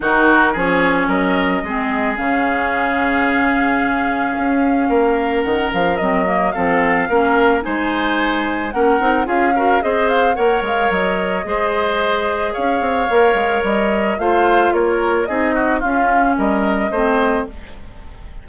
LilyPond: <<
  \new Staff \with { instrumentName = "flute" } { \time 4/4 \tempo 4 = 110 ais'4 cis''4 dis''2 | f''1~ | f''2 fis''8 f''8 dis''4 | f''2 gis''2 |
fis''4 f''4 dis''8 f''8 fis''8 f''8 | dis''2. f''4~ | f''4 dis''4 f''4 cis''4 | dis''4 f''4 dis''2 | }
  \new Staff \with { instrumentName = "oboe" } { \time 4/4 fis'4 gis'4 ais'4 gis'4~ | gis'1~ | gis'4 ais'2. | a'4 ais'4 c''2 |
ais'4 gis'8 ais'8 c''4 cis''4~ | cis''4 c''2 cis''4~ | cis''2 c''4 ais'4 | gis'8 fis'8 f'4 ais'4 c''4 | }
  \new Staff \with { instrumentName = "clarinet" } { \time 4/4 dis'4 cis'2 c'4 | cis'1~ | cis'2. c'8 ais8 | c'4 cis'4 dis'2 |
cis'8 dis'8 f'8 fis'8 gis'4 ais'4~ | ais'4 gis'2. | ais'2 f'2 | dis'4 cis'2 c'4 | }
  \new Staff \with { instrumentName = "bassoon" } { \time 4/4 dis4 f4 fis4 gis4 | cis1 | cis'4 ais4 dis8 f8 fis4 | f4 ais4 gis2 |
ais8 c'8 cis'4 c'4 ais8 gis8 | fis4 gis2 cis'8 c'8 | ais8 gis8 g4 a4 ais4 | c'4 cis'4 g4 a4 | }
>>